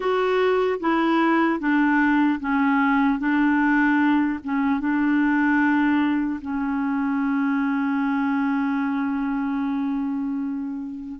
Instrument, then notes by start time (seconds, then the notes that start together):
clarinet
0.00 F#4
0.80 E4
1.59 D4
2.40 C#4
3.19 D4
4.44 C#4
4.80 D4
6.41 C#4